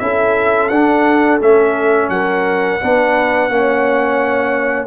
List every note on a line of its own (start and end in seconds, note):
0.00 0.70 C#4
0.00 0.70 E4
0.00 2.12 A4
0.00 0.69 E5
0.69 1.40 D4
0.69 1.41 D4
0.69 1.39 F#5
1.41 2.09 A3
1.41 2.81 C#4
1.41 2.09 E5
2.09 2.79 F#3
2.09 2.81 A#4
2.09 4.87 F#5
2.81 3.49 B3
2.81 3.50 D4
2.81 3.51 B4
3.49 4.87 A#3
3.49 4.87 C#4
3.49 4.87 C#5